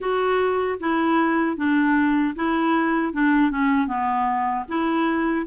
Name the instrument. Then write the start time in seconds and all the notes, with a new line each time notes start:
clarinet
0.00 F#4
0.80 E4
1.56 D4
2.35 E4
3.13 D4
3.50 C#4
3.87 B3
4.68 E4